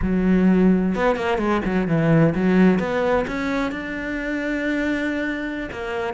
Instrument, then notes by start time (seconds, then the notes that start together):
cello
0.02 F#3
0.95 B3
1.15 A#3
1.38 G#3
1.64 F#3
1.87 E3
2.34 F#3
2.79 B3
3.27 C#4
3.71 D4
5.71 A#3